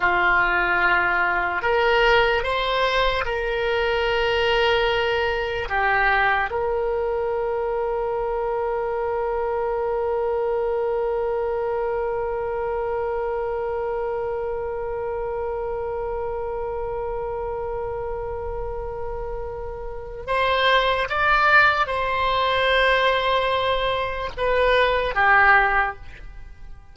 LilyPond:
\new Staff \with { instrumentName = "oboe" } { \time 4/4 \tempo 4 = 74 f'2 ais'4 c''4 | ais'2. g'4 | ais'1~ | ais'1~ |
ais'1~ | ais'1~ | ais'4 c''4 d''4 c''4~ | c''2 b'4 g'4 | }